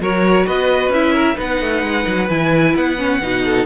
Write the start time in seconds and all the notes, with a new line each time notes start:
0.00 F#3 F#4 A#4 C#5
0.46 B3 B4 D#5
0.89 C#4 E4 E5
1.13 A#4
1.35 B3 D#4 B4 F#5
1.61 A3
1.82 G#3
2.07 F#3
2.30 E3 E4 G#5
2.75 B3 F#5
2.97 C#4
3.22 B2 D#4
3.44 A4